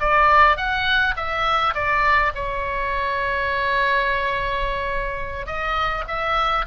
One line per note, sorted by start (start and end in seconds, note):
0.00 0.57 D5
0.57 1.15 F#5
1.16 1.74 E5
1.74 2.32 D5
2.35 5.47 C#5
5.47 6.04 D#5
6.08 6.65 E5